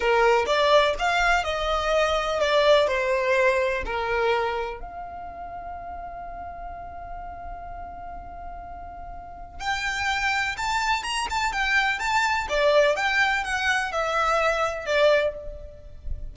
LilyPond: \new Staff \with { instrumentName = "violin" } { \time 4/4 \tempo 4 = 125 ais'4 d''4 f''4 dis''4~ | dis''4 d''4 c''2 | ais'2 f''2~ | f''1~ |
f''1 | g''2 a''4 ais''8 a''8 | g''4 a''4 d''4 g''4 | fis''4 e''2 d''4 | }